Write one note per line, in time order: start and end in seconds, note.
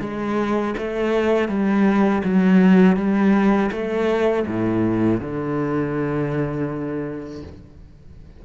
0.00 0.74 G#3
0.77 1.48 A3
1.48 2.22 G3
2.24 2.97 F#3
2.97 3.70 G3
3.71 4.45 A3
4.46 5.21 A2
5.21 7.43 D3